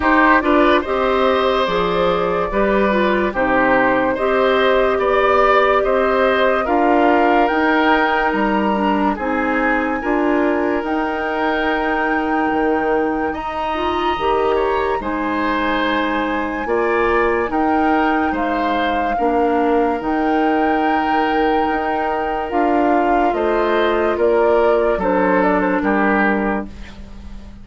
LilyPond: <<
  \new Staff \with { instrumentName = "flute" } { \time 4/4 \tempo 4 = 72 c''8 d''8 dis''4 d''2 | c''4 dis''4 d''4 dis''4 | f''4 g''4 ais''4 gis''4~ | gis''4 g''2. |
ais''2 gis''2~ | gis''4 g''4 f''2 | g''2. f''4 | dis''4 d''4 c''8 d''16 c''16 ais'4 | }
  \new Staff \with { instrumentName = "oboe" } { \time 4/4 g'8 b'8 c''2 b'4 | g'4 c''4 d''4 c''4 | ais'2. gis'4 | ais'1 |
dis''4. cis''8 c''2 | d''4 ais'4 c''4 ais'4~ | ais'1 | c''4 ais'4 a'4 g'4 | }
  \new Staff \with { instrumentName = "clarinet" } { \time 4/4 dis'8 f'8 g'4 gis'4 g'8 f'8 | dis'4 g'2. | f'4 dis'4. d'8 dis'4 | f'4 dis'2.~ |
dis'8 f'8 g'4 dis'2 | f'4 dis'2 d'4 | dis'2. f'4~ | f'2 d'2 | }
  \new Staff \with { instrumentName = "bassoon" } { \time 4/4 dis'8 d'8 c'4 f4 g4 | c4 c'4 b4 c'4 | d'4 dis'4 g4 c'4 | d'4 dis'2 dis4 |
dis'4 dis4 gis2 | ais4 dis'4 gis4 ais4 | dis2 dis'4 d'4 | a4 ais4 fis4 g4 | }
>>